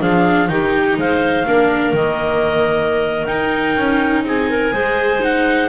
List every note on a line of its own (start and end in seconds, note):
0.00 0.49 F3
0.00 0.49 D4
0.00 0.48 G#4
0.00 0.49 F5
0.49 0.97 D#3
0.49 1.45 D#4
0.49 0.99 G4
0.49 0.97 G5
0.97 1.46 G#3
0.97 1.46 C5
0.97 1.95 F5
1.46 1.93 A#3
1.46 1.96 D4
1.46 4.25 A#4
1.93 3.26 D#3
1.93 3.27 A#3
1.93 3.26 D#5
3.26 4.72 D#4
3.26 3.77 D#4
3.26 4.23 G5
3.77 4.24 C#4
4.24 4.72 C4
4.24 4.50 G#4
4.24 5.24 G#5
4.50 4.74 A#4
4.72 5.69 G#3
4.72 5.20 G#4
4.72 5.69 C5
5.20 5.68 D#4
5.20 5.69 F#5